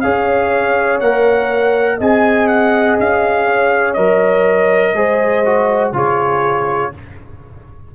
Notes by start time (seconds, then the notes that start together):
0.00 C#4 G#4 C#5 F5
1.00 A#3 A#4 F#5
1.98 C4 G#4 D#5 G#5
2.47 F#5
2.99 C#4 F5
3.46 C#5
3.93 F#3 A#4 D#5
4.94 G#3 G#4 C5
5.45 F#4
5.92 C#3 F4 G#4 C#5